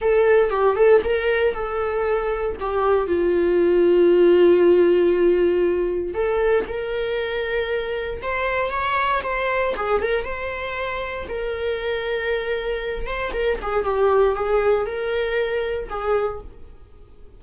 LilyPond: \new Staff \with { instrumentName = "viola" } { \time 4/4 \tempo 4 = 117 a'4 g'8 a'8 ais'4 a'4~ | a'4 g'4 f'2~ | f'1 | a'4 ais'2. |
c''4 cis''4 c''4 gis'8 ais'8 | c''2 ais'2~ | ais'4. c''8 ais'8 gis'8 g'4 | gis'4 ais'2 gis'4 | }